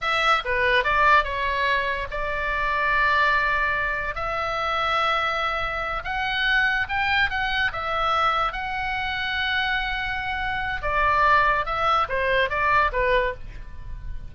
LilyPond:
\new Staff \with { instrumentName = "oboe" } { \time 4/4 \tempo 4 = 144 e''4 b'4 d''4 cis''4~ | cis''4 d''2.~ | d''2 e''2~ | e''2~ e''8 fis''4.~ |
fis''8 g''4 fis''4 e''4.~ | e''8 fis''2.~ fis''8~ | fis''2 d''2 | e''4 c''4 d''4 b'4 | }